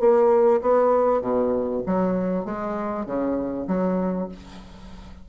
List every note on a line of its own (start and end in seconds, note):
0.00 0.61 A#3
0.62 1.22 B3
1.22 1.83 B2
1.86 2.45 F#3
2.45 3.06 G#3
3.06 3.67 C#3
3.67 4.29 F#3